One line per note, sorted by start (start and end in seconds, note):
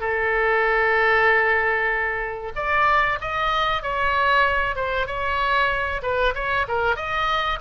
0.00 2.53 A4
2.56 3.19 D5
3.21 3.82 D#5
3.82 4.75 C#5
4.75 5.07 C5
5.07 6.02 C#5
6.03 6.34 B4
6.35 6.66 C#5
6.68 6.96 A#4
6.96 7.59 D#5